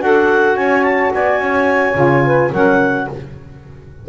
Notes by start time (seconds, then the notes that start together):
0.00 D4 F#4 A4 F#5
0.56 C#4 C#5 G#5
0.84 A5
1.14 B3 D5 G#5
1.38 C#4 C#5
1.95 C#3 F4
2.24 B4
2.52 F#3 C#4 A#4 F#5